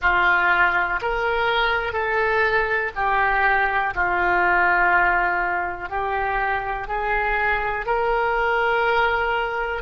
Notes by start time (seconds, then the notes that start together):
0.01 F4
1.01 A#4
1.92 A4
2.95 G4
3.94 F4
5.89 G4
6.87 G#4
7.86 A#4